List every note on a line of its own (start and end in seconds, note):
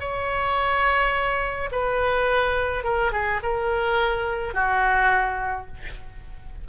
0.00 1.70 C#5
1.72 2.84 B4
2.84 3.12 A#4
3.12 3.41 G#4
3.43 4.54 A#4
4.54 5.67 F#4